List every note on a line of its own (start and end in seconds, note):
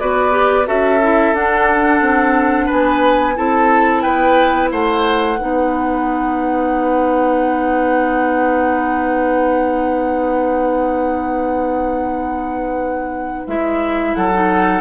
0.00 0.68 B3
0.00 0.32 F#4
0.00 0.67 B4
0.00 0.67 D5
0.32 0.66 G4
0.66 1.34 C#4
0.66 1.00 F#4
0.66 2.66 A4
0.66 1.35 E5
1.03 1.35 E4
1.34 2.01 D4
1.34 3.36 D4
1.34 2.70 F#5
2.01 2.68 C4
2.66 3.38 B3
2.66 3.34 B4
2.66 3.38 G#5
3.36 4.05 C4
3.36 5.38 E4
3.36 4.03 A4
3.36 4.02 A5
4.02 4.72 B3
4.02 4.71 B4
4.02 4.70 G5
4.72 5.40 A3
4.72 5.40 C5
4.72 13.48 F#5
5.39 13.47 B3
5.39 13.48 D#4
5.39 14.16 B4
13.47 14.15 G#3
13.47 14.32 E4
13.47 14.15 E5
14.15 14.82 F#3
14.15 14.82 A4
14.15 14.82 F#5
14.33 14.82 D#4